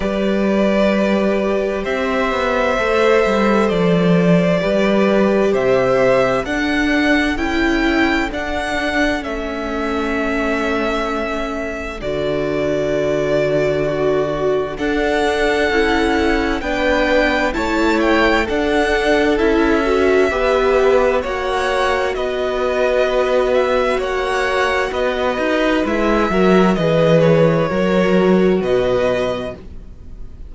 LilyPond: <<
  \new Staff \with { instrumentName = "violin" } { \time 4/4 \tempo 4 = 65 d''2 e''2 | d''2 e''4 fis''4 | g''4 fis''4 e''2~ | e''4 d''2. |
fis''2 g''4 a''8 g''8 | fis''4 e''2 fis''4 | dis''4. e''8 fis''4 dis''4 | e''4 dis''8 cis''4. dis''4 | }
  \new Staff \with { instrumentName = "violin" } { \time 4/4 b'2 c''2~ | c''4 b'4 c''4 a'4~ | a'1~ | a'2. fis'4 |
a'2 b'4 cis''4 | a'2 b'4 cis''4 | b'2 cis''4 b'4~ | b'8 ais'8 b'4 ais'4 b'4 | }
  \new Staff \with { instrumentName = "viola" } { \time 4/4 g'2. a'4~ | a'4 g'2 d'4 | e'4 d'4 cis'2~ | cis'4 fis'2. |
d'4 e'4 d'4 e'4 | d'4 e'8 fis'8 g'4 fis'4~ | fis'1 | e'8 fis'8 gis'4 fis'2 | }
  \new Staff \with { instrumentName = "cello" } { \time 4/4 g2 c'8 b8 a8 g8 | f4 g4 c4 d'4 | cis'4 d'4 a2~ | a4 d2. |
d'4 cis'4 b4 a4 | d'4 cis'4 b4 ais4 | b2 ais4 b8 dis'8 | gis8 fis8 e4 fis4 b,4 | }
>>